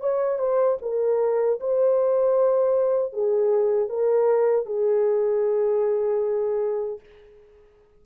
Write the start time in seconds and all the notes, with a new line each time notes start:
0.00 C#5
0.38 C5
0.82 A#4
1.60 C5
3.13 G#4
3.89 A#4
4.66 G#4